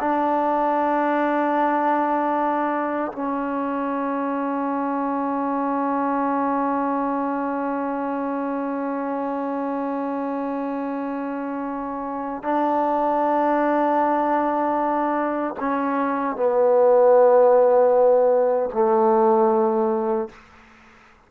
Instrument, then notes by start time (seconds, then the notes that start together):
trombone
0.00 D4
3.12 C#4
12.43 D4
15.60 C#4
16.36 B3
18.73 A3